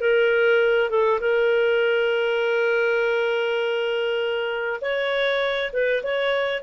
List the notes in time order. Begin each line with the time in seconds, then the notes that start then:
0.00 A#4
0.90 A4
1.20 A#4
4.81 C#5
5.72 B4
6.03 C#5